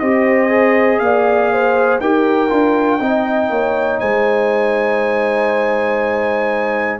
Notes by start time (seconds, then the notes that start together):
0.00 C4 G4 C5 D#5
0.50 G#4
1.00 A#3 D5 F5
1.53 C5
2.01 D#4 G4 A#4 G5
2.50 D4 F4
3.00 C4 D#4 D#5
3.50 A#3 C#5
4.00 G#3 C5 G#5